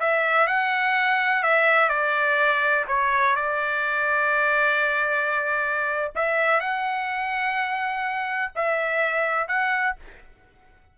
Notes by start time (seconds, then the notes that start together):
0.00 E5
0.47 F#5
1.43 E5
1.89 D5
2.88 C#5
3.36 D5
6.15 E5
6.61 F#5
8.55 E5
9.48 F#5